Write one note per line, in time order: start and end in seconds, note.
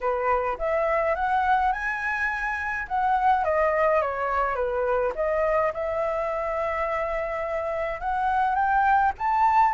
0.00 0.57 B4
0.58 1.15 E5
1.15 1.72 F#5
1.72 2.86 G#5
2.88 3.44 F#5
3.44 4.01 D#5
4.01 4.55 C#5
4.55 5.12 B4
5.15 5.72 D#5
5.73 8.00 E5
8.00 8.55 F#5
8.55 9.12 G5
9.18 9.74 A5